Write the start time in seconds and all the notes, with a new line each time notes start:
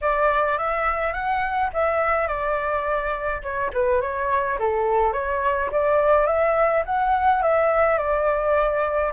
0.01 D5
0.57 E5
1.13 F#5
1.73 E5
2.27 D5
3.42 C#5
3.73 B4
4.01 C#5
4.59 A4
5.12 C#5
5.71 D5
6.26 E5
6.85 F#5
7.42 E5
7.98 D5